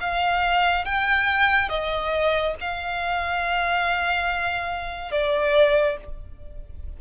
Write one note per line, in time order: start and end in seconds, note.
0.00 0.85 F5
0.85 1.69 G5
1.69 2.54 D#5
2.61 5.11 F5
5.11 5.97 D5